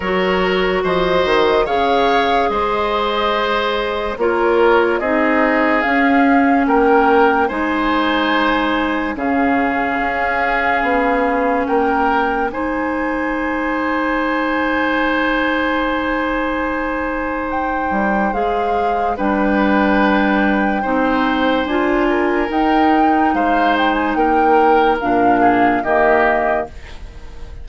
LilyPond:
<<
  \new Staff \with { instrumentName = "flute" } { \time 4/4 \tempo 4 = 72 cis''4 dis''4 f''4 dis''4~ | dis''4 cis''4 dis''4 f''4 | g''4 gis''2 f''4~ | f''2 g''4 gis''4~ |
gis''1~ | gis''4 g''4 f''4 g''4~ | g''2 gis''4 g''4 | f''8 g''16 gis''16 g''4 f''4 dis''4 | }
  \new Staff \with { instrumentName = "oboe" } { \time 4/4 ais'4 c''4 cis''4 c''4~ | c''4 ais'4 gis'2 | ais'4 c''2 gis'4~ | gis'2 ais'4 c''4~ |
c''1~ | c''2. b'4~ | b'4 c''4. ais'4. | c''4 ais'4. gis'8 g'4 | }
  \new Staff \with { instrumentName = "clarinet" } { \time 4/4 fis'2 gis'2~ | gis'4 f'4 dis'4 cis'4~ | cis'4 dis'2 cis'4~ | cis'2. dis'4~ |
dis'1~ | dis'2 gis'4 d'4~ | d'4 dis'4 f'4 dis'4~ | dis'2 d'4 ais4 | }
  \new Staff \with { instrumentName = "bassoon" } { \time 4/4 fis4 f8 dis8 cis4 gis4~ | gis4 ais4 c'4 cis'4 | ais4 gis2 cis4 | cis'4 b4 ais4 gis4~ |
gis1~ | gis4. g8 gis4 g4~ | g4 c'4 d'4 dis'4 | gis4 ais4 ais,4 dis4 | }
>>